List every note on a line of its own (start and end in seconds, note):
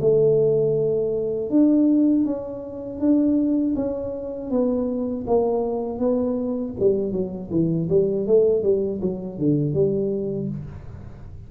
0.00 1.50 A3
1.50 2.24 D4
2.24 2.99 C#4
2.99 3.74 D4
3.75 4.50 C#4
4.50 5.25 B3
5.27 5.98 A#3
5.98 6.73 B3
6.79 7.11 G3
7.11 7.49 F#3
7.50 7.88 E3
7.89 8.26 G3
8.27 8.62 A3
8.62 9.00 G3
9.01 9.38 F#3
9.38 9.73 D3
9.73 10.48 G3